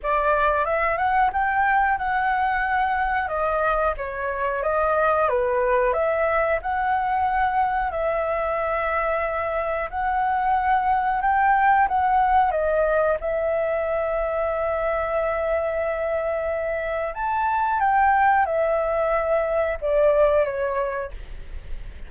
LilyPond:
\new Staff \with { instrumentName = "flute" } { \time 4/4 \tempo 4 = 91 d''4 e''8 fis''8 g''4 fis''4~ | fis''4 dis''4 cis''4 dis''4 | b'4 e''4 fis''2 | e''2. fis''4~ |
fis''4 g''4 fis''4 dis''4 | e''1~ | e''2 a''4 g''4 | e''2 d''4 cis''4 | }